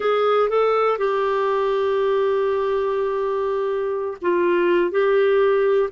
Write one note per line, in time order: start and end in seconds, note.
0.00 0.49 G#4
0.49 0.97 A4
0.97 4.17 G4
4.21 4.91 F4
4.91 5.89 G4